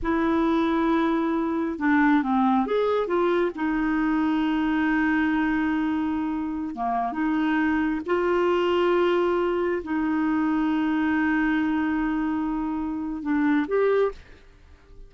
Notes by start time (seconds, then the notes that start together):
0.02 E4
1.78 D4
2.22 C4
2.66 G#4
3.07 F4
3.55 D#4
6.75 A#3
7.12 D#4
8.06 F4
9.83 D#4
13.22 D4
13.67 G4